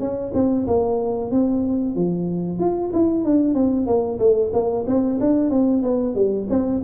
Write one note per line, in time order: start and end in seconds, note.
0.00 0.32 C#4
0.34 0.66 C4
0.67 1.31 A#3
1.31 1.96 C4
1.96 2.59 F3
2.59 2.91 F4
2.93 3.25 E4
3.25 3.55 D4
3.55 3.87 C4
3.87 4.19 A#3
4.19 4.51 A3
4.53 4.85 A#3
4.87 5.19 C4
5.20 5.50 D4
5.50 5.83 C4
5.83 6.15 B3
6.15 6.48 G3
6.50 6.82 C4